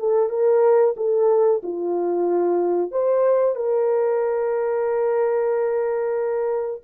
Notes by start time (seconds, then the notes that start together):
0.00 A4
0.30 A#4
0.97 A4
1.63 F4
2.92 C5
3.56 A#4